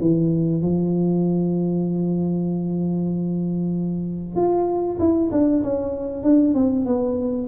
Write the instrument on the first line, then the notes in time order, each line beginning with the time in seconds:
tuba
0.00 E3
0.62 F3
4.36 F4
4.99 E4
5.31 D4
5.63 C#4
6.23 D4
6.54 C4
6.85 B3